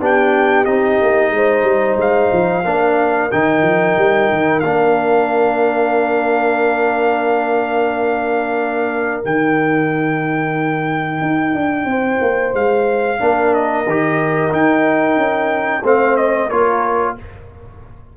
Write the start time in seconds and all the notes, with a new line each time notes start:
0.00 B3 D4 G4 G5
0.65 C4 D#4 D#5
1.01 A#3
1.30 G#3 C5
1.62 G3
1.97 G#3 F5
2.32 F3
2.65 A#3 D4 A#4
3.31 D#3 D#4 G5
3.62 F3
3.97 G3
4.31 D#3
4.60 A#3 D4 F5
9.23 D#3 D#4 G5
11.21 D#4
11.54 D4
11.85 C4 C5
12.21 A#3
12.53 G#3 F5
13.19 A#3 D4 A#4
13.54 D#5
13.86 D#3 G4
14.50 D#4 G5
15.16 C#4
15.82 A3 C4 C5 F5
16.17 D#5
16.48 A#3 F4 A#4 C#5